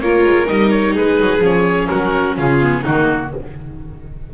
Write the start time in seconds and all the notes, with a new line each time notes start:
0.00 A#3 F4 A#4 C#5
0.24 G#3
0.46 G3 D#4 D#5
0.70 C#5
0.93 G#3 G#4 B4
1.20 F#3
1.41 F3 C#4 C#5
1.88 F#3 F#4 A#4
2.37 C#3 F4 G#4
2.61 B3
2.82 D#3 A#3 D#4 F#4